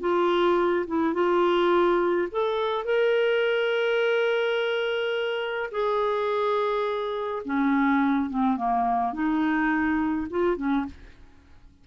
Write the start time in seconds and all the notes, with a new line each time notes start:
0.00 F4
0.87 E4
1.14 F4
2.31 A4
2.84 A#4
5.71 G#4
7.45 C#4
8.29 C4
8.56 A#3
9.13 D#4
10.30 F4
10.56 C#4